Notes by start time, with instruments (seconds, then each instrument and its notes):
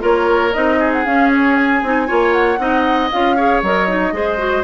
0.00 bassoon A#3, clarinet F4, oboe A#4, flute C#5
0.53 bassoon C4, clarinet D#4, flute D#5
0.79 oboe G#4
0.93 flute F#5
1.05 bassoon C#4, clarinet C#4, flute F5
1.33 flute C#5
1.56 flute G#5
1.83 bassoon C4, clarinet D#4
2.07 bassoon A#3, clarinet F4, oboe C#5
2.32 flute F#5
2.58 bassoon C4, clarinet D#4, oboe D#5
3.11 bassoon C#4, clarinet F4, flute F5
3.36 clarinet G#4, oboe C#5
3.62 bassoon F#3, clarinet A#4, flute D#5
3.88 clarinet D#4
4.12 bassoon G#3, clarinet G#4, oboe C5
4.38 clarinet F#4